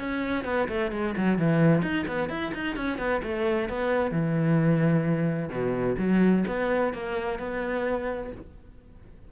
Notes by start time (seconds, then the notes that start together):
0.00 C#4
0.45 B3
0.69 A3
0.92 G#3
1.17 F#3
1.39 E3
1.83 D#4
2.08 B3
2.30 E4
2.54 D#4
2.77 C#4
2.99 B3
3.23 A3
3.70 B3
4.12 E3
5.50 B2
5.99 F#3
6.48 B3
6.94 A#3
7.40 B3